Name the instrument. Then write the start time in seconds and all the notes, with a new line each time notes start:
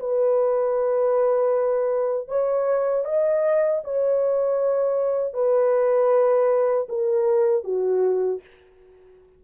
horn
0.00 B4
2.28 C#5
3.05 D#5
3.84 C#5
5.34 B4
6.89 A#4
7.64 F#4